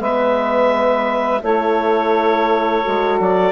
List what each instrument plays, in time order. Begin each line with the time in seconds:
0.00 bassoon G#3, horn B3, saxophone B4, clarinet E5
1.43 bassoon A3, horn E4, saxophone A4, clarinet C#5
2.84 bassoon G#3, horn F#4
3.20 bassoon F#3, clarinet D5